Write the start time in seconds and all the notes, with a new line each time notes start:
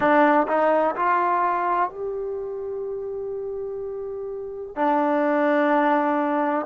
0.00 D4
0.47 D#4
0.95 F4
1.90 G4
4.75 D4